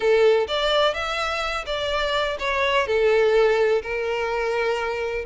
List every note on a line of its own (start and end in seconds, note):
0.00 0.47 A4
0.47 0.94 D5
0.94 1.65 E5
1.66 2.37 D5
2.39 2.86 C#5
2.87 3.82 A4
3.82 5.25 A#4